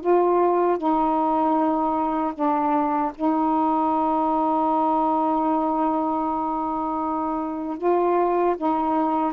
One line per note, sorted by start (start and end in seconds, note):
0.00 0.77 F4
0.77 2.33 D#4
2.34 3.12 D4
3.15 7.77 D#4
7.77 8.55 F4
8.57 9.33 D#4